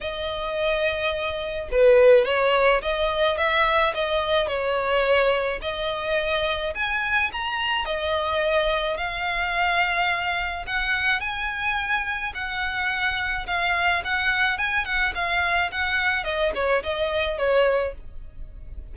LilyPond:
\new Staff \with { instrumentName = "violin" } { \time 4/4 \tempo 4 = 107 dis''2. b'4 | cis''4 dis''4 e''4 dis''4 | cis''2 dis''2 | gis''4 ais''4 dis''2 |
f''2. fis''4 | gis''2 fis''2 | f''4 fis''4 gis''8 fis''8 f''4 | fis''4 dis''8 cis''8 dis''4 cis''4 | }